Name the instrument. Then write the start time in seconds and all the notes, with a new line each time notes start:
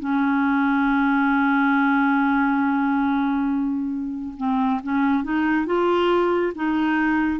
clarinet
0.00 C#4
4.38 C4
4.83 C#4
5.24 D#4
5.66 F4
6.56 D#4